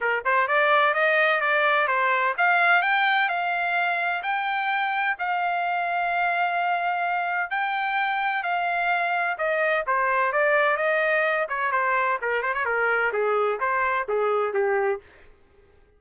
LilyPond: \new Staff \with { instrumentName = "trumpet" } { \time 4/4 \tempo 4 = 128 ais'8 c''8 d''4 dis''4 d''4 | c''4 f''4 g''4 f''4~ | f''4 g''2 f''4~ | f''1 |
g''2 f''2 | dis''4 c''4 d''4 dis''4~ | dis''8 cis''8 c''4 ais'8 c''16 cis''16 ais'4 | gis'4 c''4 gis'4 g'4 | }